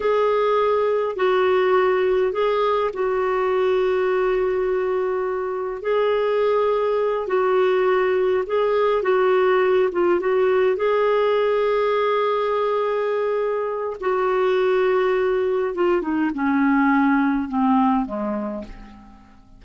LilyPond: \new Staff \with { instrumentName = "clarinet" } { \time 4/4 \tempo 4 = 103 gis'2 fis'2 | gis'4 fis'2.~ | fis'2 gis'2~ | gis'8 fis'2 gis'4 fis'8~ |
fis'4 f'8 fis'4 gis'4.~ | gis'1 | fis'2. f'8 dis'8 | cis'2 c'4 gis4 | }